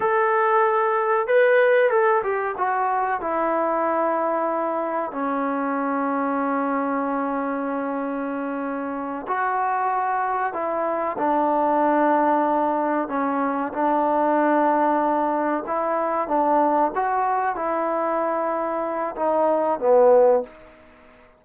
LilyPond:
\new Staff \with { instrumentName = "trombone" } { \time 4/4 \tempo 4 = 94 a'2 b'4 a'8 g'8 | fis'4 e'2. | cis'1~ | cis'2~ cis'8 fis'4.~ |
fis'8 e'4 d'2~ d'8~ | d'8 cis'4 d'2~ d'8~ | d'8 e'4 d'4 fis'4 e'8~ | e'2 dis'4 b4 | }